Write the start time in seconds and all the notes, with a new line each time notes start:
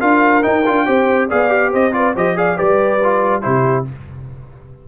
0.00 D4 F4 A#4 F5
0.43 D#4 G5
0.66 D4 F4
0.86 C4 G4 C5
1.28 B3 G#4 D5 F5
1.49 G4
1.71 C4 C5 D#5
1.92 F4 B4 D5
2.14 F3 G4 C5 D#5
2.36 G#4 D5 F5
2.56 G3 G4 B4 D5
3.03 F4
3.42 C3 E4 G4 C5